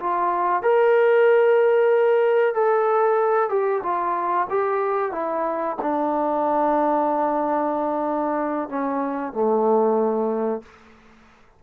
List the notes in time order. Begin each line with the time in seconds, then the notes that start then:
0.00 F4
0.62 A#4
2.54 A4
3.50 G4
3.83 F4
4.50 G4
5.12 E4
5.82 D4
8.69 C#4
9.33 A3